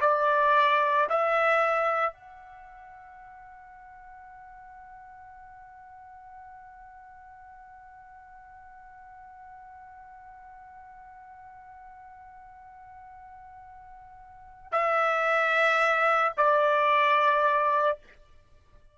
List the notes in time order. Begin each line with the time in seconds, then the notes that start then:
0.00 D5
1.09 E5
2.13 F#5
14.71 E5
16.37 D5